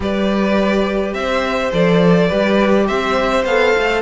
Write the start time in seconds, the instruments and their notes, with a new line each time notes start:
0.00 cello G3, viola G4, violin B4 D5
1.13 cello C4, violin C5 E5
1.72 cello F3, viola A4, violin D5
2.27 cello G3, viola G4, violin B4
2.87 cello C4, violin C5 E5
3.44 cello B3, viola A4, violin F5
3.77 cello A3